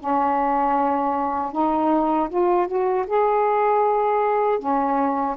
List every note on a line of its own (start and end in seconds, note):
0.00 1.52 C#4
1.52 2.29 D#4
2.30 2.68 F4
2.68 3.06 F#4
3.08 4.60 G#4
4.60 5.37 C#4